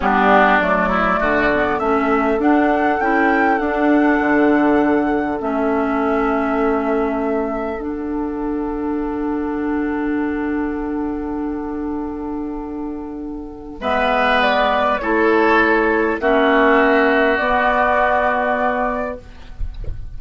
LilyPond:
<<
  \new Staff \with { instrumentName = "flute" } { \time 4/4 \tempo 4 = 100 g'4 d''2 e''4 | fis''4 g''4 fis''2~ | fis''4 e''2.~ | e''4 fis''2.~ |
fis''1~ | fis''2. e''4 | d''4 cis''2 e''4~ | e''4 d''2. | }
  \new Staff \with { instrumentName = "oboe" } { \time 4/4 d'4. e'8 fis'4 a'4~ | a'1~ | a'1~ | a'1~ |
a'1~ | a'2. b'4~ | b'4 a'2 fis'4~ | fis'1 | }
  \new Staff \with { instrumentName = "clarinet" } { \time 4/4 b4 a4. b8 cis'4 | d'4 e'4 d'2~ | d'4 cis'2.~ | cis'4 d'2.~ |
d'1~ | d'2. b4~ | b4 e'2 cis'4~ | cis'4 b2. | }
  \new Staff \with { instrumentName = "bassoon" } { \time 4/4 g4 fis4 d4 a4 | d'4 cis'4 d'4 d4~ | d4 a2.~ | a4 d'2.~ |
d'1~ | d'2. gis4~ | gis4 a2 ais4~ | ais4 b2. | }
>>